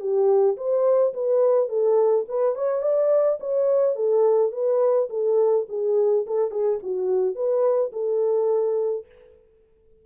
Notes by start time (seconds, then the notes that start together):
0.00 G4
0.57 C5
1.13 B4
1.69 A4
2.28 B4
2.55 C#5
2.82 D5
3.40 C#5
3.95 A4
4.52 B4
5.09 A4
5.69 G#4
6.26 A4
6.51 G#4
6.83 F#4
7.35 B4
7.92 A4